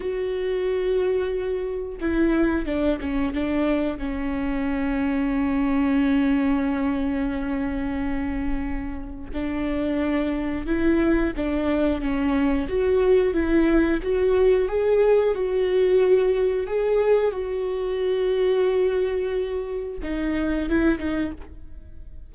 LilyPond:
\new Staff \with { instrumentName = "viola" } { \time 4/4 \tempo 4 = 90 fis'2. e'4 | d'8 cis'8 d'4 cis'2~ | cis'1~ | cis'2 d'2 |
e'4 d'4 cis'4 fis'4 | e'4 fis'4 gis'4 fis'4~ | fis'4 gis'4 fis'2~ | fis'2 dis'4 e'8 dis'8 | }